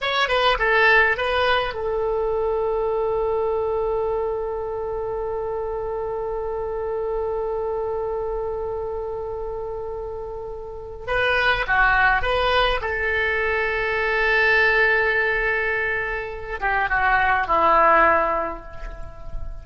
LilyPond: \new Staff \with { instrumentName = "oboe" } { \time 4/4 \tempo 4 = 103 cis''8 b'8 a'4 b'4 a'4~ | a'1~ | a'1~ | a'1~ |
a'2. b'4 | fis'4 b'4 a'2~ | a'1~ | a'8 g'8 fis'4 e'2 | }